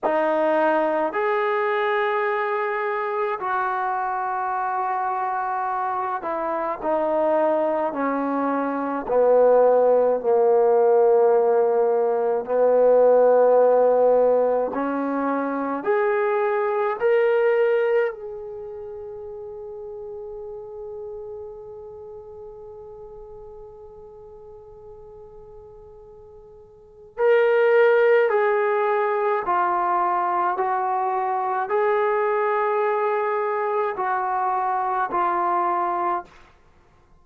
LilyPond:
\new Staff \with { instrumentName = "trombone" } { \time 4/4 \tempo 4 = 53 dis'4 gis'2 fis'4~ | fis'4. e'8 dis'4 cis'4 | b4 ais2 b4~ | b4 cis'4 gis'4 ais'4 |
gis'1~ | gis'1 | ais'4 gis'4 f'4 fis'4 | gis'2 fis'4 f'4 | }